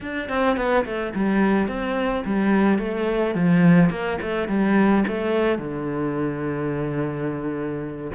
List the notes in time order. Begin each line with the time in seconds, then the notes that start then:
0.01 D4
0.28 C4
0.57 B3
0.85 A3
1.14 G3
1.68 C4
2.25 G3
2.78 A3
3.35 F3
3.89 A#3
4.21 A3
4.48 G3
5.07 A3
5.58 D3